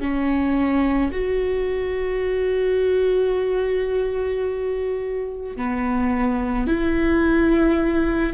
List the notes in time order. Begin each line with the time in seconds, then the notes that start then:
0.00 C#4
1.12 F#4
5.56 B3
6.67 E4